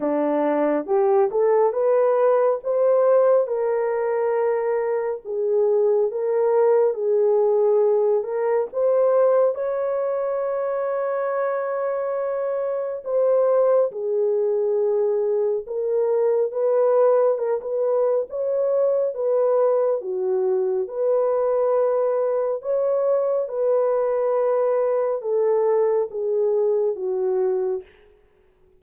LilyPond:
\new Staff \with { instrumentName = "horn" } { \time 4/4 \tempo 4 = 69 d'4 g'8 a'8 b'4 c''4 | ais'2 gis'4 ais'4 | gis'4. ais'8 c''4 cis''4~ | cis''2. c''4 |
gis'2 ais'4 b'4 | ais'16 b'8. cis''4 b'4 fis'4 | b'2 cis''4 b'4~ | b'4 a'4 gis'4 fis'4 | }